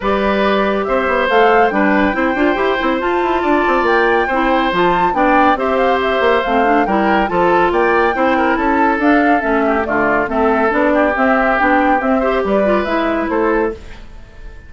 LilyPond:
<<
  \new Staff \with { instrumentName = "flute" } { \time 4/4 \tempo 4 = 140 d''2 e''4 f''4 | g''2. a''4~ | a''4 g''2 a''4 | g''4 e''8 f''8 e''4 f''4 |
g''4 a''4 g''2 | a''4 f''4 e''4 d''4 | e''4 d''4 e''4 g''4 | e''4 d''4 e''4 c''4 | }
  \new Staff \with { instrumentName = "oboe" } { \time 4/4 b'2 c''2 | b'4 c''2. | d''2 c''2 | d''4 c''2. |
ais'4 a'4 d''4 c''8 ais'8 | a'2~ a'8 g'8 f'4 | a'4. g'2~ g'8~ | g'8 c''8 b'2 a'4 | }
  \new Staff \with { instrumentName = "clarinet" } { \time 4/4 g'2. a'4 | d'4 e'8 f'8 g'8 e'8 f'4~ | f'2 e'4 f'4 | d'4 g'2 c'8 d'8 |
e'4 f'2 e'4~ | e'4 d'4 cis'4 a4 | c'4 d'4 c'4 d'4 | c'8 g'4 f'8 e'2 | }
  \new Staff \with { instrumentName = "bassoon" } { \time 4/4 g2 c'8 b8 a4 | g4 c'8 d'8 e'8 c'8 f'8 e'8 | d'8 c'8 ais4 c'4 f4 | b4 c'4. ais8 a4 |
g4 f4 ais4 c'4 | cis'4 d'4 a4 d4 | a4 b4 c'4 b4 | c'4 g4 gis4 a4 | }
>>